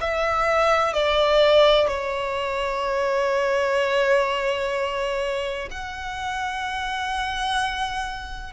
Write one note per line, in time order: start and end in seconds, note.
0.00 0.93 E5
0.93 1.87 D5
1.87 5.68 C#5
5.70 8.53 F#5